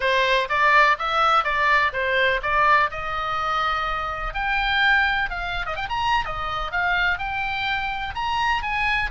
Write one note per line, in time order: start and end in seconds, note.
0.00 0.48 C5
0.49 0.97 D5
0.98 1.44 E5
1.44 1.92 D5
1.92 2.40 C5
2.42 2.90 D5
2.90 4.34 D#5
4.34 5.30 G5
5.30 5.66 F5
5.66 5.76 D#5
5.76 5.88 G5
5.89 6.25 A#5
6.25 6.71 D#5
6.71 7.18 F5
7.18 8.14 G5
8.14 8.62 A#5
8.62 9.10 G#5